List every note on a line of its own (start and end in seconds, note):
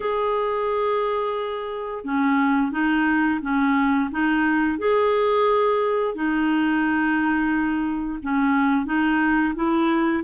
0.00 2.04 G#4
2.04 2.71 C#4
2.71 3.39 D#4
3.42 4.10 C#4
4.11 4.78 D#4
4.78 6.14 G#4
6.14 8.19 D#4
8.22 8.85 C#4
8.85 9.54 D#4
9.55 10.23 E4